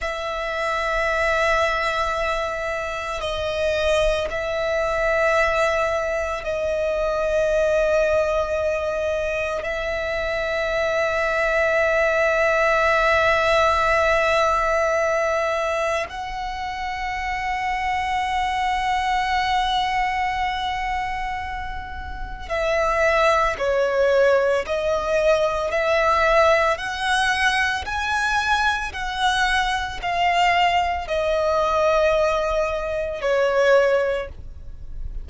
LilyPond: \new Staff \with { instrumentName = "violin" } { \time 4/4 \tempo 4 = 56 e''2. dis''4 | e''2 dis''2~ | dis''4 e''2.~ | e''2. fis''4~ |
fis''1~ | fis''4 e''4 cis''4 dis''4 | e''4 fis''4 gis''4 fis''4 | f''4 dis''2 cis''4 | }